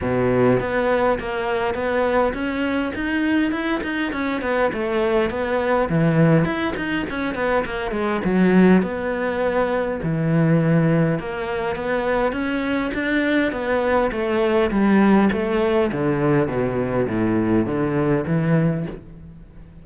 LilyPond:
\new Staff \with { instrumentName = "cello" } { \time 4/4 \tempo 4 = 102 b,4 b4 ais4 b4 | cis'4 dis'4 e'8 dis'8 cis'8 b8 | a4 b4 e4 e'8 dis'8 | cis'8 b8 ais8 gis8 fis4 b4~ |
b4 e2 ais4 | b4 cis'4 d'4 b4 | a4 g4 a4 d4 | b,4 a,4 d4 e4 | }